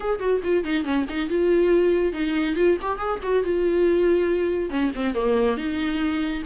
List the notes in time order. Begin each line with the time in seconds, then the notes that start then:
0.00 G#4
0.19 F#4
0.43 F4
0.64 D#4
0.84 C#4
1.09 D#4
1.29 F4
2.12 D#4
2.55 F4
2.81 G4
2.98 G#4
3.22 F#4
3.43 F4
4.69 C#4
4.95 C4
5.14 A#3
5.57 D#4